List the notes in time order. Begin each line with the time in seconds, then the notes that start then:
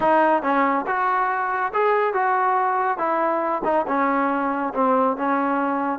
0.00 D#4
0.42 C#4
0.86 F#4
1.73 G#4
2.13 F#4
2.97 E4
3.64 D#4
3.87 C#4
4.74 C4
5.16 C#4